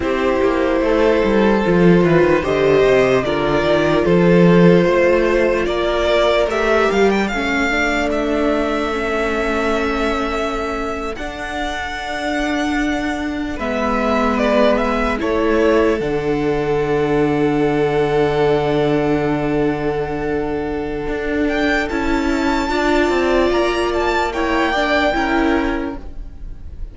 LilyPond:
<<
  \new Staff \with { instrumentName = "violin" } { \time 4/4 \tempo 4 = 74 c''2. dis''4 | d''4 c''2 d''4 | e''8 f''16 g''16 f''4 e''2~ | e''4.~ e''16 fis''2~ fis''16~ |
fis''8. e''4 d''8 e''8 cis''4 fis''16~ | fis''1~ | fis''2~ fis''8 g''8 a''4~ | a''4 ais''8 a''8 g''2 | }
  \new Staff \with { instrumentName = "violin" } { \time 4/4 g'4 a'4. b'8 c''4 | ais'4 a'4 c''4 ais'4~ | ais'4 a'2.~ | a'1~ |
a'8. b'2 a'4~ a'16~ | a'1~ | a'1 | d''2 cis''8 d''8 ais'4 | }
  \new Staff \with { instrumentName = "viola" } { \time 4/4 e'2 f'4 g'4 | f'1 | g'4 cis'8 d'4. cis'4~ | cis'4.~ cis'16 d'2~ d'16~ |
d'8. b2 e'4 d'16~ | d'1~ | d'2. e'4 | f'2 e'8 d'8 e'4 | }
  \new Staff \with { instrumentName = "cello" } { \time 4/4 c'8 ais8 a8 g8 f8 e16 dis16 d8 c8 | d8 dis8 f4 a4 ais4 | a8 g8 a2.~ | a4.~ a16 d'2~ d'16~ |
d'8. gis2 a4 d16~ | d1~ | d2 d'4 cis'4 | d'8 c'8 ais2 cis'4 | }
>>